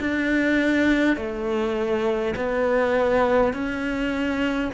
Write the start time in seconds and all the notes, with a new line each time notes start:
0.00 D4
1.17 A3
2.36 B3
3.53 C#4